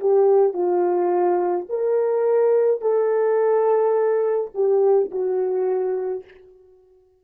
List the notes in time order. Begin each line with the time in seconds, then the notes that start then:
0.00 G4
0.54 F4
1.69 A#4
2.81 A4
4.54 G4
5.11 F#4